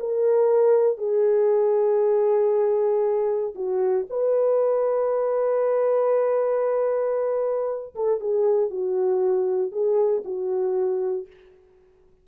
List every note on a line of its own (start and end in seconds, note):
0.00 0.98 A#4
0.98 3.54 G#4
3.55 4.06 F#4
4.10 7.95 B4
7.95 8.20 A4
8.20 8.70 G#4
8.70 9.72 F#4
9.72 10.23 G#4
10.25 11.27 F#4